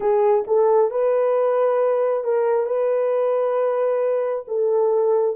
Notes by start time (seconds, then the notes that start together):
0.00 G#4
0.47 A4
0.90 B4
2.23 A#4
2.66 B4
4.47 A4